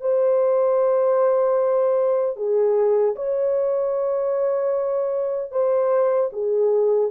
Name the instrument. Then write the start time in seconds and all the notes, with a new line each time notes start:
horn
0.00 C5
2.36 G#4
3.15 C#5
5.51 C5
6.32 G#4